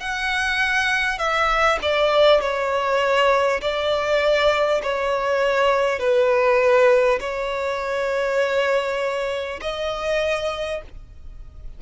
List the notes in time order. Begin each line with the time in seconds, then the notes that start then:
0.00 F#5
1.18 E5
1.82 D5
2.40 C#5
3.61 D5
4.82 C#5
5.99 B4
7.20 C#5
9.61 D#5